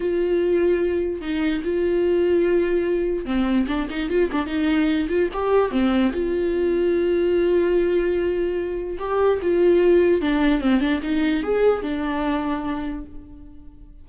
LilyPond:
\new Staff \with { instrumentName = "viola" } { \time 4/4 \tempo 4 = 147 f'2. dis'4 | f'1 | c'4 d'8 dis'8 f'8 d'8 dis'4~ | dis'8 f'8 g'4 c'4 f'4~ |
f'1~ | f'2 g'4 f'4~ | f'4 d'4 c'8 d'8 dis'4 | gis'4 d'2. | }